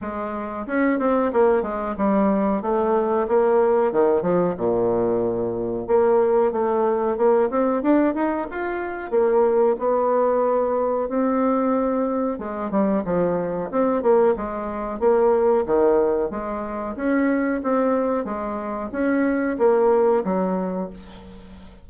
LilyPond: \new Staff \with { instrumentName = "bassoon" } { \time 4/4 \tempo 4 = 92 gis4 cis'8 c'8 ais8 gis8 g4 | a4 ais4 dis8 f8 ais,4~ | ais,4 ais4 a4 ais8 c'8 | d'8 dis'8 f'4 ais4 b4~ |
b4 c'2 gis8 g8 | f4 c'8 ais8 gis4 ais4 | dis4 gis4 cis'4 c'4 | gis4 cis'4 ais4 fis4 | }